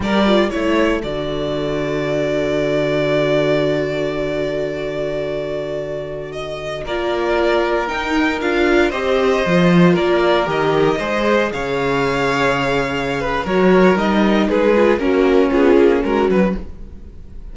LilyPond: <<
  \new Staff \with { instrumentName = "violin" } { \time 4/4 \tempo 4 = 116 d''4 cis''4 d''2~ | d''1~ | d''1~ | d''16 dis''4 d''2 g''8.~ |
g''16 f''4 dis''2 d''8.~ | d''16 dis''2 f''4.~ f''16~ | f''2 cis''4 dis''4 | b'4 ais'4 gis'4 ais'8 b'8 | }
  \new Staff \with { instrumentName = "violin" } { \time 4/4 ais'4 a'2.~ | a'1~ | a'1~ | a'4~ a'16 ais'2~ ais'8.~ |
ais'4~ ais'16 c''2 ais'8.~ | ais'4~ ais'16 c''4 cis''4.~ cis''16~ | cis''4. b'8 ais'2 | gis'4 cis'2. | }
  \new Staff \with { instrumentName = "viola" } { \time 4/4 g'8 f'8 e'4 fis'2~ | fis'1~ | fis'1~ | fis'4~ fis'16 f'2 dis'8.~ |
dis'16 f'4 g'4 f'4.~ f'16~ | f'16 g'4 gis'2~ gis'8.~ | gis'2 fis'4 dis'4~ | dis'8 f'8 fis'4 f'4 fis'4 | }
  \new Staff \with { instrumentName = "cello" } { \time 4/4 g4 a4 d2~ | d1~ | d1~ | d4~ d16 ais2 dis'8.~ |
dis'16 d'4 c'4 f4 ais8.~ | ais16 dis4 gis4 cis4.~ cis16~ | cis2 fis4 g4 | gis4 ais4 b8 ais8 gis8 fis8 | }
>>